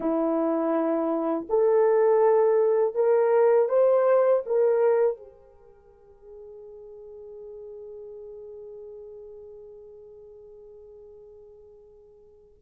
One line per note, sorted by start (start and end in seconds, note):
0.00 1.46 E4
1.49 2.95 A4
2.95 3.68 A#4
3.68 4.42 C5
4.45 5.16 A#4
5.16 12.57 G#4